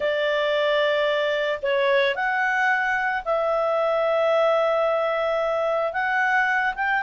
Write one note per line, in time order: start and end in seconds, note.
0.00 1.59 D5
1.62 2.15 C#5
2.15 3.23 F#5
3.25 5.92 E5
5.92 6.73 F#5
6.75 7.02 G5